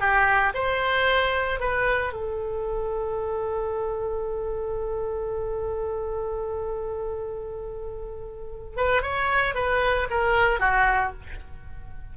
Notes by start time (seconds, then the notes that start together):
0.00 G4
0.55 C5
1.60 B4
2.13 A4
8.77 B4
9.02 C#5
9.55 B4
10.11 A#4
10.60 F#4